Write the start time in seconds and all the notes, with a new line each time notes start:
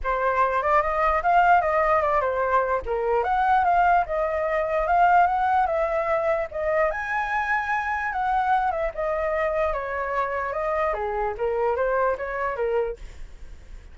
0.03 C5
0.62 D5
0.82 D#5
1.23 F5
1.61 D#5
2.01 D5
2.20 C5
2.85 A#4
3.23 F#5
3.64 F5
4.06 D#5
4.87 F5
5.26 F#5
5.66 E5
6.51 D#5
6.90 G#5
8.12 F#5
8.71 E5
8.94 D#5
9.73 C#5
10.53 D#5
10.93 G#4
11.37 A#4
11.76 C5
12.17 C#5
12.55 A#4